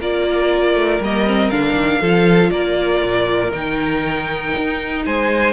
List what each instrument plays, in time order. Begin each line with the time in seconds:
0.00 cello A#3, viola F4, violin A#4 D5
0.74 cello A3
1.00 cello G3, viola A#3, violin D#5
1.26 viola C4
1.50 cello D3, viola D4, violin F5
1.74 cello D#3
2.01 cello F3, viola F4, violin A4
2.50 cello A#3, violin A#4 D5
3.03 cello A#2
3.51 cello D#3, viola D#4, violin G5
4.57 cello D#4
5.06 cello G#3, violin C5 G#5